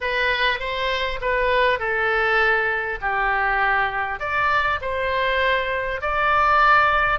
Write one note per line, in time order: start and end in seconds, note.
0.01 0.59 B4
0.59 1.19 C5
1.21 1.79 B4
1.79 2.99 A4
3.01 4.19 G4
4.19 4.79 D5
4.81 6.01 C5
6.01 7.19 D5